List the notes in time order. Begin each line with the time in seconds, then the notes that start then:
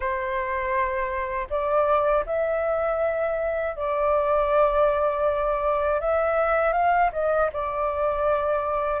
0.00 C5
1.50 D5
2.26 E5
3.76 D5
6.00 E5
6.73 F5
7.12 D#5
7.52 D5